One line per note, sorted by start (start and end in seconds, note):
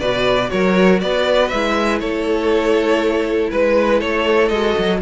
0.00 0.51 B2
0.00 1.52 F#4
0.00 0.50 B4
0.00 0.50 D5
0.50 1.03 F#3
0.50 1.02 A#4
0.50 1.00 C#5
1.01 1.53 B3
1.01 2.01 B4
1.01 1.49 D5
1.49 2.01 G#3
1.49 4.53 E4
1.49 1.99 E5
2.00 3.51 A3
2.00 3.50 A4
2.00 3.50 C#5
3.50 4.02 G#3
3.50 3.99 B4
3.50 4.01 B4
3.99 4.50 A3
3.99 4.99 A4
3.99 4.49 C#5
4.49 4.75 G#3
4.49 5.02 F#4
4.49 4.99 D#5
4.78 5.02 F#3